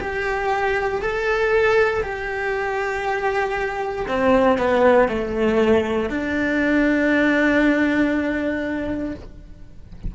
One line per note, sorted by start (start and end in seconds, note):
0.00 1.02 G4
1.02 2.03 A4
2.03 4.07 G4
4.08 4.58 C4
4.58 5.08 B3
5.08 6.10 A3
6.10 9.15 D4